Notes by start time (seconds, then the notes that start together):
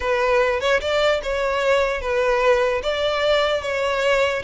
0.00 B4
0.60 C#5
0.80 D5
1.22 C#5
2.01 B4
2.82 D5
3.62 C#5